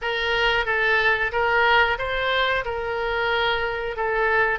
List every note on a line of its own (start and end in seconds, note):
0.01 0.65 A#4
0.65 1.31 A4
1.32 1.98 A#4
1.98 2.64 C5
2.64 3.96 A#4
3.96 4.59 A4